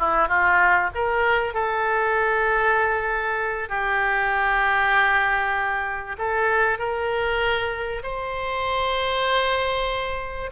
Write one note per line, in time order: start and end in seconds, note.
0.00 0.29 E4
0.29 0.91 F4
0.95 1.54 A#4
1.54 3.69 A4
3.69 6.17 G4
6.19 6.79 A4
6.79 8.03 A#4
8.04 10.51 C5